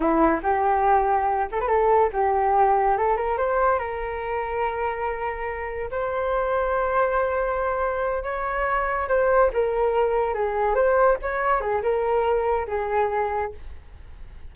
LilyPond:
\new Staff \with { instrumentName = "flute" } { \time 4/4 \tempo 4 = 142 e'4 g'2~ g'8 a'16 b'16 | a'4 g'2 a'8 ais'8 | c''4 ais'2.~ | ais'2 c''2~ |
c''2.~ c''8 cis''8~ | cis''4. c''4 ais'4.~ | ais'8 gis'4 c''4 cis''4 gis'8 | ais'2 gis'2 | }